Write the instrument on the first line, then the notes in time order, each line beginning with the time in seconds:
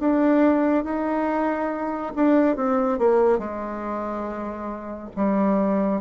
bassoon
0.00 D4
0.85 D#4
2.16 D4
2.57 C4
2.99 A#3
3.39 G#3
5.17 G3